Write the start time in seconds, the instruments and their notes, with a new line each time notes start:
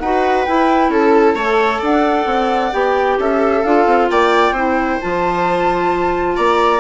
0.00 bassoon D#4, clarinet F#4, viola B4, flute F#5
0.46 clarinet E4, bassoon E4, flute G5
0.90 bassoon C#4, viola A4, flute A5
1.35 bassoon A3, clarinet A4, viola C#5
1.79 bassoon D4, viola D5, flute F#5
2.26 bassoon C4
2.73 bassoon B3, clarinet G4, flute G5
3.19 bassoon C#4, viola A4, flute E5
3.64 bassoon D4, clarinet F4, flute F5
3.87 bassoon C4
4.10 bassoon A#3, viola D5, flute G5
4.52 bassoon C4, clarinet E4, viola C5
5.01 bassoon F3, clarinet F4, flute A5
6.37 bassoon A#3, viola D5, flute A#5